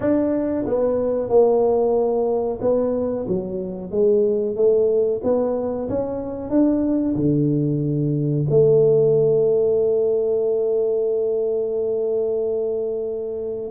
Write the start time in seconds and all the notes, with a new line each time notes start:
0.00 D4
0.66 B3
1.29 A#3
2.61 B3
3.27 F#3
3.91 G#3
4.55 A3
5.23 B3
5.89 C#4
6.50 D4
7.15 D3
8.49 A3